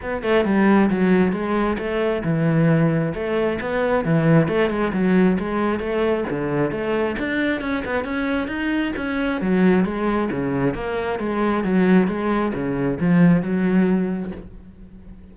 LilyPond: \new Staff \with { instrumentName = "cello" } { \time 4/4 \tempo 4 = 134 b8 a8 g4 fis4 gis4 | a4 e2 a4 | b4 e4 a8 gis8 fis4 | gis4 a4 d4 a4 |
d'4 cis'8 b8 cis'4 dis'4 | cis'4 fis4 gis4 cis4 | ais4 gis4 fis4 gis4 | cis4 f4 fis2 | }